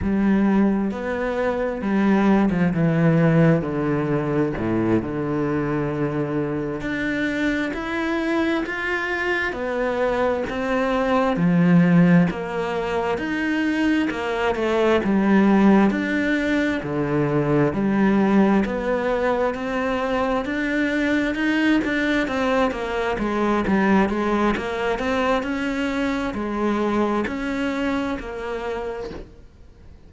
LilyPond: \new Staff \with { instrumentName = "cello" } { \time 4/4 \tempo 4 = 66 g4 b4 g8. f16 e4 | d4 a,8 d2 d'8~ | d'8 e'4 f'4 b4 c'8~ | c'8 f4 ais4 dis'4 ais8 |
a8 g4 d'4 d4 g8~ | g8 b4 c'4 d'4 dis'8 | d'8 c'8 ais8 gis8 g8 gis8 ais8 c'8 | cis'4 gis4 cis'4 ais4 | }